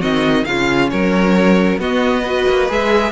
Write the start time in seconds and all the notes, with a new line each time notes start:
0.00 D#3 C4 F#4 D#5
0.45 C#3 C#4 F4 F5
0.90 F#3 A#4 C#5
1.78 B3 F#4 D#5
2.23 F#4 B4
2.49 A#3
2.69 G#3 G#4 E5